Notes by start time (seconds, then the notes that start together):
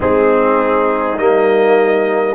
0.00 G#3 C4 D#4 G#4
1.17 G3 A#3 D#5